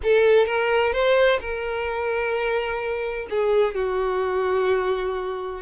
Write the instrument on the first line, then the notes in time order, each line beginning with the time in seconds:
violin
0.03 A4
0.46 A#4
0.92 C5
1.40 A#4
3.30 G#4
3.75 F#4